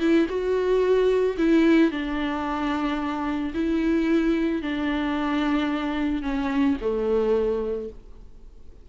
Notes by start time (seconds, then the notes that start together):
0.00 E4
0.29 F#4
1.38 E4
1.91 D4
3.54 E4
4.62 D4
6.22 C#4
6.81 A3